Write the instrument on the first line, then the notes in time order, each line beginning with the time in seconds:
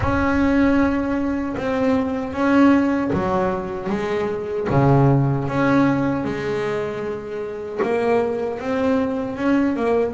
double bass
0.00 C#4
1.57 C4
2.33 C#4
3.12 F#3
3.89 G#3
4.70 C#3
5.48 C#4
6.24 G#3
7.82 A#3
8.59 C4
9.36 C#4
9.76 A#3